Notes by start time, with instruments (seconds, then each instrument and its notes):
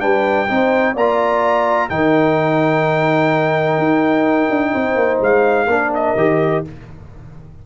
0.00 tuba G3, trombone D4, horn B4, trumpet G5
0.48 tuba C4, trombone D#4, horn C5
0.93 tuba A#3, horn D5, trumpet A#5
1.00 trombone F4
1.89 tuba D#3, trombone D#4, horn A#4, trumpet G5
3.78 tuba D#4
4.50 tuba D4
4.74 tuba C4, horn C5
4.96 tuba A#3
5.21 tuba G#3, trumpet F5
5.67 tuba A#3, trombone D4, horn A#4
5.94 trumpet D#5
6.16 tuba D#3, trombone G4